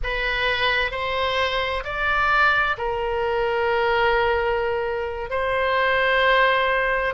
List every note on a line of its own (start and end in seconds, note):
0.03 0.91 B4
0.91 1.83 C5
1.84 2.76 D5
2.77 5.30 A#4
5.30 7.14 C5